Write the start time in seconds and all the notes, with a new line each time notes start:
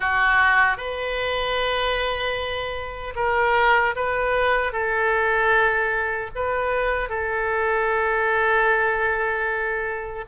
0.00 F#4
0.77 B4
3.15 A#4
3.95 B4
4.72 A4
6.35 B4
7.09 A4